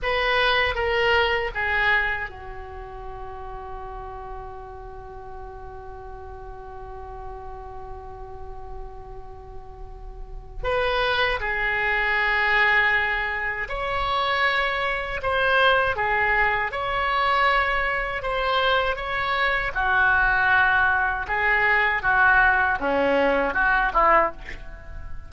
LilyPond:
\new Staff \with { instrumentName = "oboe" } { \time 4/4 \tempo 4 = 79 b'4 ais'4 gis'4 fis'4~ | fis'1~ | fis'1~ | fis'2 b'4 gis'4~ |
gis'2 cis''2 | c''4 gis'4 cis''2 | c''4 cis''4 fis'2 | gis'4 fis'4 cis'4 fis'8 e'8 | }